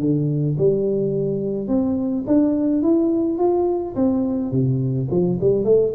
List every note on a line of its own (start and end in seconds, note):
0.00 0.57 D3
0.58 1.68 G3
1.68 2.25 C4
2.27 2.82 D4
2.82 3.38 E4
3.38 3.95 F4
3.95 4.51 C4
4.51 5.08 C3
5.10 5.39 F3
5.41 5.65 G3
5.65 5.93 A3